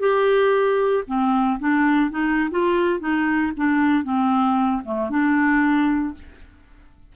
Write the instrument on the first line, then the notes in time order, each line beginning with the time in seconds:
clarinet
0.00 G4
1.07 C4
1.60 D4
2.11 D#4
2.51 F4
3.00 D#4
3.57 D4
4.04 C4
4.85 A3
5.10 D4